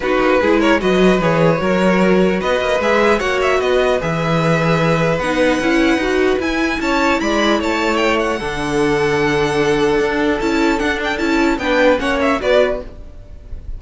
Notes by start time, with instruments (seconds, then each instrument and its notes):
0.00 cello B3, viola D#4, violin F#4 B4
0.20 cello A#3
0.40 cello G#3, viola E4, violin G#4
0.60 violin A#4 C#5
0.79 cello F#3, viola F#4, violin B4 D#5
1.20 cello E3, viola G#4, violin C#5
1.56 cello F#3, viola F#4, violin A#4
2.40 cello B3, violin B4 D#5
2.60 cello A#3
2.79 cello G#3, viola G#4, violin E5
3.18 cello A#3, viola F#4, violin C#5 F#5
3.41 violin E5
3.58 cello B3, violin B4 D#5
4.00 cello E3, viola G#4, violin E5
5.18 cello B3, viola D#4, violin F#5
5.60 cello C#4, viola E4
5.96 cello D#4, viola F#4
6.39 viola E4, cello E4, violin G#5
6.80 cello C#4, violin C#5 A5
7.20 cello G#3, violin D5 B5
7.59 cello A3, violin C#5 A5
7.96 violin G5
8.19 violin F#5
8.39 cello D3, viola D4, violin A4
10.00 cello D4
10.40 cello C#4, viola E4, violin A5
10.78 viola D4, cello D4, violin F#5
11.04 violin G5
11.18 cello C#4, viola E4, violin A5
11.58 cello B3, viola D4, violin B4 G5
11.98 cello A#3, viola C#4, violin C#5 F#5
12.21 violin E5
12.40 cello B3, viola F#4, violin B4 D5